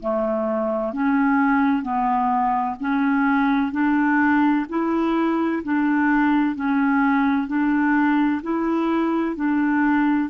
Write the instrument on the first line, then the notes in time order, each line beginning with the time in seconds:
clarinet
0.00 A3
0.93 C#4
1.82 B3
2.80 C#4
3.72 D4
4.69 E4
5.64 D4
6.55 C#4
7.48 D4
8.43 E4
9.36 D4